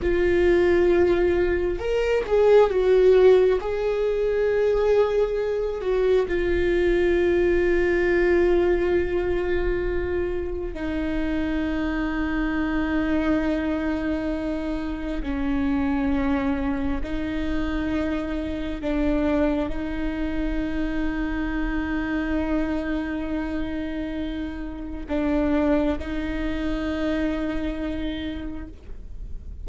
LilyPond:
\new Staff \with { instrumentName = "viola" } { \time 4/4 \tempo 4 = 67 f'2 ais'8 gis'8 fis'4 | gis'2~ gis'8 fis'8 f'4~ | f'1 | dis'1~ |
dis'4 cis'2 dis'4~ | dis'4 d'4 dis'2~ | dis'1 | d'4 dis'2. | }